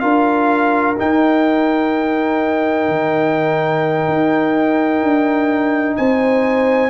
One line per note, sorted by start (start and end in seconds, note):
0.00 0.98 D4
0.00 0.96 F4
0.00 5.97 A#4
0.00 0.95 F5
0.98 6.90 D#4
0.98 2.89 D#4
0.98 5.97 G5
2.89 4.08 D#3
4.08 5.02 D#4
5.02 5.98 D4
5.97 6.90 C4
5.97 6.90 C5
5.97 6.90 G#5